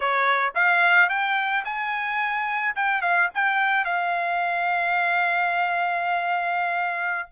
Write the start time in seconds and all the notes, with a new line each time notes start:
0.00 C#5
0.54 F5
1.09 G5
1.64 G#5
2.75 G5
3.01 F5
3.34 G5
3.84 F5